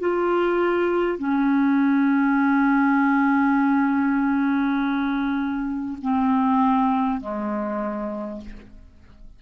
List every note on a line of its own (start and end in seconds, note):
0.00 1.18 F4
1.18 5.98 C#4
6.02 7.21 C4
7.21 8.41 G#3